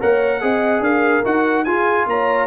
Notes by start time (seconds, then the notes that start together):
0.00 A#3 A#4 C#5 F#5
0.41 C4 G#4 D#5
0.80 D4 A#4 F5
1.24 D#4 F#4 F#5
1.65 F4 G#4 G#5
2.07 A#3 C#5 A#5